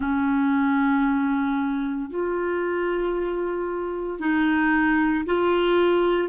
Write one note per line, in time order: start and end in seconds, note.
0.00 2.10 C#4
2.10 4.19 F4
4.19 5.24 D#4
5.25 6.28 F4